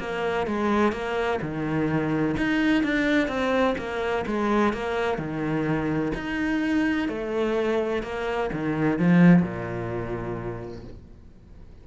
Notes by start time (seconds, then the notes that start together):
0.00 A#3
0.47 G#3
0.93 A#3
1.42 D#3
2.38 D#4
2.83 D4
3.28 C4
3.78 A#3
4.27 G#3
4.74 A#3
5.18 D#3
6.15 D#4
7.09 A3
8.03 A#3
8.53 D#3
8.99 F3
9.43 A#2